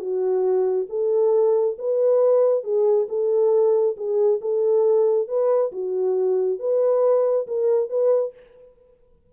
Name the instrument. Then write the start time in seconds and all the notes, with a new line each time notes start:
horn
0.00 F#4
0.90 A4
1.79 B4
2.64 G#4
3.09 A4
3.97 G#4
4.42 A4
5.28 B4
5.73 F#4
6.60 B4
7.48 A#4
7.90 B4